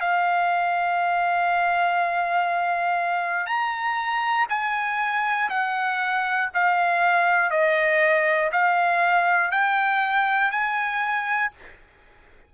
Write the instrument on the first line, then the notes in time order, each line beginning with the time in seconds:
trumpet
0.00 F5
3.46 A#5
4.49 G#5
5.50 F#5
6.54 F5
7.50 D#5
8.52 F5
9.50 G5
10.51 G#5